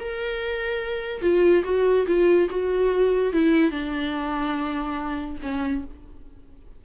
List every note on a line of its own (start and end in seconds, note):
0.00 1.22 A#4
1.22 1.64 F4
1.65 2.06 F#4
2.07 2.49 F4
2.51 3.33 F#4
3.33 3.71 E4
3.71 5.38 D4
5.43 5.85 C#4